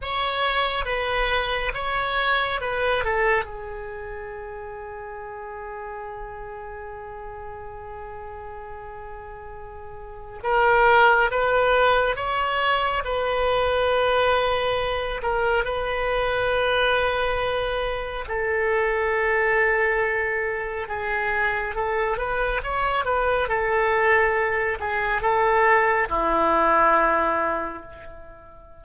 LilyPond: \new Staff \with { instrumentName = "oboe" } { \time 4/4 \tempo 4 = 69 cis''4 b'4 cis''4 b'8 a'8 | gis'1~ | gis'1 | ais'4 b'4 cis''4 b'4~ |
b'4. ais'8 b'2~ | b'4 a'2. | gis'4 a'8 b'8 cis''8 b'8 a'4~ | a'8 gis'8 a'4 e'2 | }